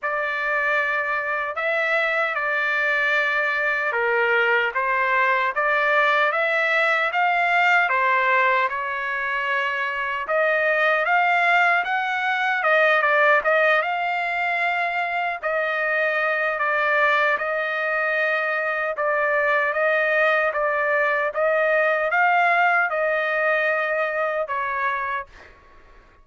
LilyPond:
\new Staff \with { instrumentName = "trumpet" } { \time 4/4 \tempo 4 = 76 d''2 e''4 d''4~ | d''4 ais'4 c''4 d''4 | e''4 f''4 c''4 cis''4~ | cis''4 dis''4 f''4 fis''4 |
dis''8 d''8 dis''8 f''2 dis''8~ | dis''4 d''4 dis''2 | d''4 dis''4 d''4 dis''4 | f''4 dis''2 cis''4 | }